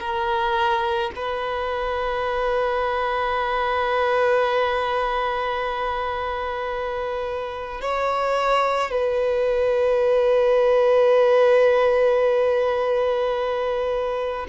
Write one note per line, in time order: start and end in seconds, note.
0.00 1.11 A#4
1.16 7.81 B4
7.81 8.91 C#5
8.91 14.46 B4